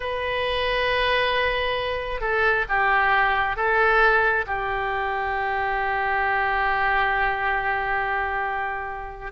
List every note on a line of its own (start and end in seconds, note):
0.00 2.20 B4
2.20 2.65 A4
2.68 3.56 G4
3.56 4.45 A4
4.46 9.32 G4